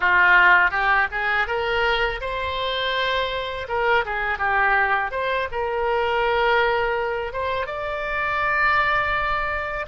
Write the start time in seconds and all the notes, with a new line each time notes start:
0.00 F4
0.71 G4
1.11 G#4
1.47 A#4
2.20 C5
3.68 A#4
4.05 G#4
4.38 G4
5.11 C5
5.51 A#4
7.32 C5
7.66 D5